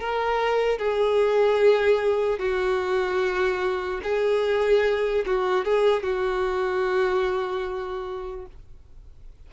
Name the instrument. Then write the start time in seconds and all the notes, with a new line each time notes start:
violin
0.00 A#4
0.79 G#4
2.39 F#4
4.04 G#4
5.26 F#4
5.65 G#4
6.03 F#4